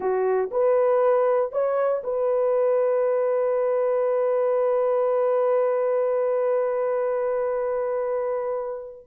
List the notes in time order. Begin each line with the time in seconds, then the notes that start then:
0.00 F#4
0.51 B4
1.52 C#5
2.03 B4